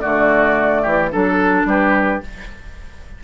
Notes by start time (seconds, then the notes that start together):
0.00 D3 A3 F#4 D5
0.82 E3 G4
1.12 F#3 D4 A4
1.65 G3 G4 B4